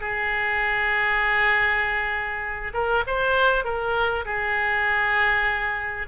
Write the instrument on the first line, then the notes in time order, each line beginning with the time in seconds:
oboe
0.00 G#4
2.73 A#4
3.07 C5
3.64 A#4
4.25 G#4